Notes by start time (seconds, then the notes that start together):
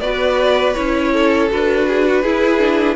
0.00 B3 F#4 B4 D5
0.74 C#4 E4 C#5
1.12 A4
1.49 D4 F#4 B4
1.87 G#4
2.05 F#4
2.22 E4 G#4
2.58 D4